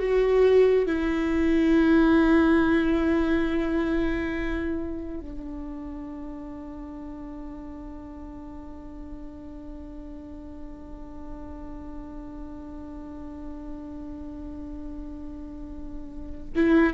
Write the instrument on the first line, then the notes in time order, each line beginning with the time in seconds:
viola
0.00 F#4
0.87 E4
5.21 D4
16.56 E4